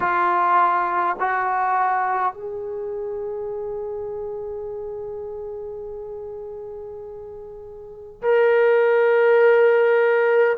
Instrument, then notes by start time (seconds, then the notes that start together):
trombone
0.00 F4
1.19 F#4
2.33 G#4
8.21 A#4